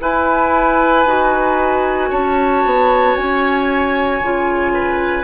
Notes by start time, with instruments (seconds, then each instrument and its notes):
0.00 clarinet E4, bassoon E4, oboe B4, flute G#5
1.05 bassoon D#4, clarinet F#4
2.09 bassoon C#4, oboe C#5, flute A5
2.64 bassoon B3
3.15 bassoon C#4, flute G#5
4.20 bassoon C#3, clarinet F4
4.73 oboe B4